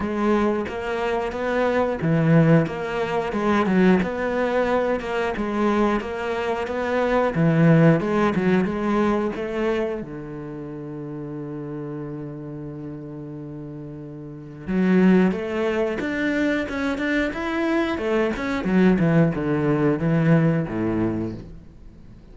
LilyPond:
\new Staff \with { instrumentName = "cello" } { \time 4/4 \tempo 4 = 90 gis4 ais4 b4 e4 | ais4 gis8 fis8 b4. ais8 | gis4 ais4 b4 e4 | gis8 fis8 gis4 a4 d4~ |
d1~ | d2 fis4 a4 | d'4 cis'8 d'8 e'4 a8 cis'8 | fis8 e8 d4 e4 a,4 | }